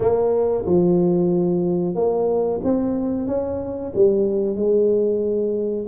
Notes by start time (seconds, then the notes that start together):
0.00 A#3
0.65 F3
1.94 A#3
2.63 C4
3.27 C#4
3.95 G3
4.55 G#3